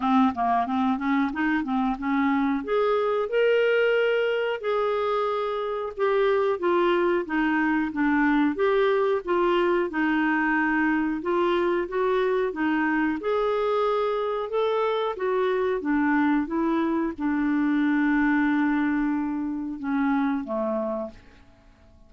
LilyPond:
\new Staff \with { instrumentName = "clarinet" } { \time 4/4 \tempo 4 = 91 c'8 ais8 c'8 cis'8 dis'8 c'8 cis'4 | gis'4 ais'2 gis'4~ | gis'4 g'4 f'4 dis'4 | d'4 g'4 f'4 dis'4~ |
dis'4 f'4 fis'4 dis'4 | gis'2 a'4 fis'4 | d'4 e'4 d'2~ | d'2 cis'4 a4 | }